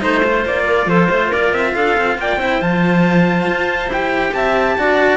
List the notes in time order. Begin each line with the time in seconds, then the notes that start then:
0.00 A3 D#4 C5
0.23 F4
0.45 A#3 D5
0.65 A#4
0.86 F3 A4 C5
1.08 A3 C5
1.28 A#3 A#4 D5
1.53 C4 E5
1.74 D4 A4 F5
1.97 C4
2.18 A#3 D5 G5
2.36 C4 E4 C5
2.61 F3 F4 A5
3.46 F4
3.87 E4 G4 G5
4.33 C4 E5 A5
4.78 D4 F#4 D5